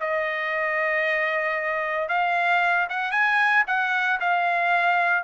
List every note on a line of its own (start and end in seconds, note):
0.00 2.08 D#5
2.08 2.87 F5
2.89 3.11 F#5
3.11 3.64 G#5
3.67 4.19 F#5
4.20 5.23 F5